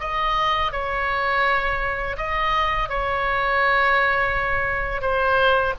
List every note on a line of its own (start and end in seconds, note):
0.00 0.72 D#5
0.72 2.17 C#5
2.17 2.89 D#5
2.89 5.01 C#5
5.01 5.74 C5